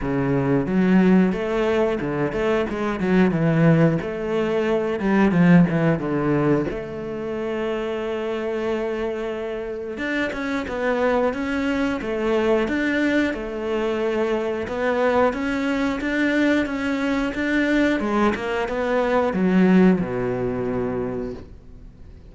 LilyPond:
\new Staff \with { instrumentName = "cello" } { \time 4/4 \tempo 4 = 90 cis4 fis4 a4 d8 a8 | gis8 fis8 e4 a4. g8 | f8 e8 d4 a2~ | a2. d'8 cis'8 |
b4 cis'4 a4 d'4 | a2 b4 cis'4 | d'4 cis'4 d'4 gis8 ais8 | b4 fis4 b,2 | }